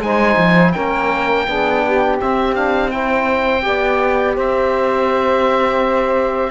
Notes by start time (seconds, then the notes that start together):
0.00 G#3 D#4 C5 G#5
0.37 F3
0.73 A#3 C#4 A#4 G5
1.48 B3 D4 G#4
1.85 G4
2.20 C4 E5
2.56 D4 F5
2.91 E4 C5 G5
3.62 B3 G4 D5
4.36 C4 C5 E5